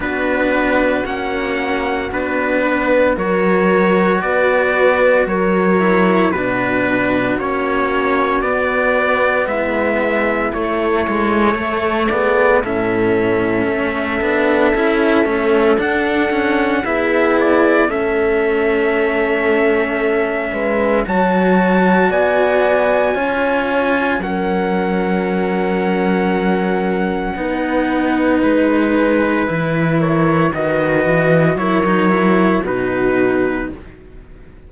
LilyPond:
<<
  \new Staff \with { instrumentName = "trumpet" } { \time 4/4 \tempo 4 = 57 b'4 fis''4 b'4 cis''4 | d''4 cis''4 b'4 cis''4 | d''4 e''4 cis''4. d''8 | e''2. fis''4 |
e''8 d''8 e''2. | a''4 gis''2 fis''4~ | fis''2. b'4~ | b'8 cis''8 dis''4 cis''4 b'4 | }
  \new Staff \with { instrumentName = "horn" } { \time 4/4 fis'2~ fis'8 b'8 ais'4 | b'4 ais'4 fis'2~ | fis'4 e'2 a'8 gis'8 | a'1 |
gis'4 a'2~ a'8 b'8 | cis''4 d''4 cis''4 ais'4~ | ais'2 b'2~ | b'8 ais'8 b'4 ais'4 fis'4 | }
  \new Staff \with { instrumentName = "cello" } { \time 4/4 d'4 cis'4 d'4 fis'4~ | fis'4. e'8 d'4 cis'4 | b2 a8 gis8 a8 b8 | cis'4. d'8 e'8 cis'8 d'8 cis'8 |
b4 cis'2. | fis'2 f'4 cis'4~ | cis'2 dis'2 | e'4 fis'4 e'16 dis'16 e'8 dis'4 | }
  \new Staff \with { instrumentName = "cello" } { \time 4/4 b4 ais4 b4 fis4 | b4 fis4 b,4 ais4 | b4 gis4 a2 | a,4 a8 b8 cis'8 a8 d'4 |
e'4 a2~ a8 gis8 | fis4 b4 cis'4 fis4~ | fis2 b4 gis4 | e4 dis8 e8 fis4 b,4 | }
>>